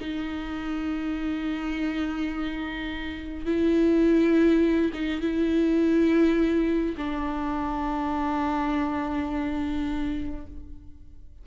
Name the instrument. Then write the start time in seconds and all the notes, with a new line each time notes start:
viola
0.00 D#4
3.46 E4
4.93 D#4
5.21 E4
6.97 D4